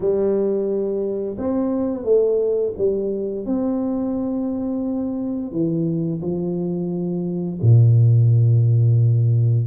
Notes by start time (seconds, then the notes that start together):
0.00 G3
1.38 C4
2.03 A3
2.77 G3
3.45 C4
5.51 E3
6.21 F3
7.61 A#2